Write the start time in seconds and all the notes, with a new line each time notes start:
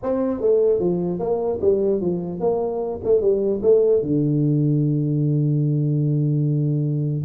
0.03 C4
0.40 A3
0.79 F3
1.19 A#3
1.61 G3
2.01 F3
2.40 A#3
3.04 A3
3.21 G3
3.62 A3
4.02 D3